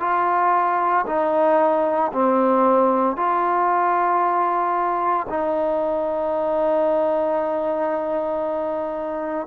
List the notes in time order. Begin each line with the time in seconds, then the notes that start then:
0.00 F4
1.06 D#4
2.13 C4
3.16 F4
5.29 D#4